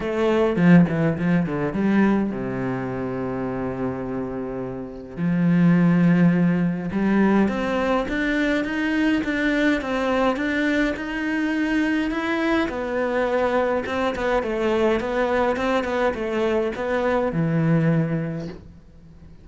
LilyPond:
\new Staff \with { instrumentName = "cello" } { \time 4/4 \tempo 4 = 104 a4 f8 e8 f8 d8 g4 | c1~ | c4 f2. | g4 c'4 d'4 dis'4 |
d'4 c'4 d'4 dis'4~ | dis'4 e'4 b2 | c'8 b8 a4 b4 c'8 b8 | a4 b4 e2 | }